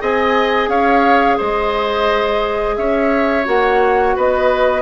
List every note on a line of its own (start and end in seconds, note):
0.00 0.68 C4
0.00 3.45 G#4
0.00 0.70 D#5
0.00 0.70 G#5
0.68 1.37 C#4
0.68 1.37 C#5
0.68 1.39 F5
1.37 2.78 G#3
1.37 2.75 C5
1.37 2.76 D#5
2.76 3.47 C#4
2.76 4.16 C#5
2.76 3.45 E5
3.45 4.16 A#3
3.45 4.82 F#4
3.45 4.17 F#5
4.16 4.82 B3
4.16 4.82 B4
4.16 4.82 D#5